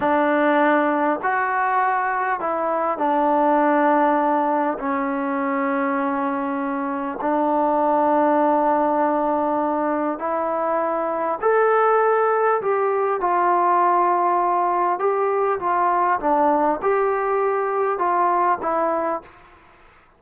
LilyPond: \new Staff \with { instrumentName = "trombone" } { \time 4/4 \tempo 4 = 100 d'2 fis'2 | e'4 d'2. | cis'1 | d'1~ |
d'4 e'2 a'4~ | a'4 g'4 f'2~ | f'4 g'4 f'4 d'4 | g'2 f'4 e'4 | }